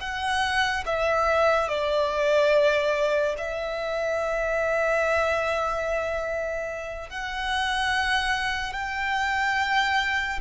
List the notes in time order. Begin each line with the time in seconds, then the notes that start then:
0.00 F#5
0.86 E5
1.68 D5
3.37 E5
7.09 F#5
8.72 G5